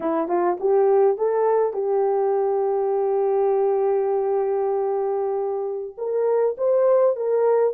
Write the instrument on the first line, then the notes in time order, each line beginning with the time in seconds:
horn
0.00 E4
0.28 F4
0.60 G4
1.17 A4
1.73 G4
5.97 A#4
6.57 C5
7.15 A#4